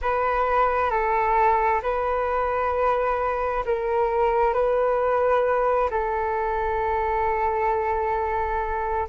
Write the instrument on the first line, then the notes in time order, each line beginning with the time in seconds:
flute
0.01 B4
0.90 A4
1.82 B4
3.65 A#4
4.53 B4
5.90 A4